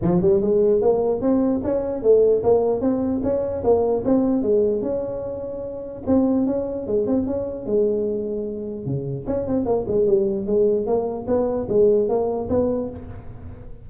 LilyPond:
\new Staff \with { instrumentName = "tuba" } { \time 4/4 \tempo 4 = 149 f8 g8 gis4 ais4 c'4 | cis'4 a4 ais4 c'4 | cis'4 ais4 c'4 gis4 | cis'2. c'4 |
cis'4 gis8 c'8 cis'4 gis4~ | gis2 cis4 cis'8 c'8 | ais8 gis8 g4 gis4 ais4 | b4 gis4 ais4 b4 | }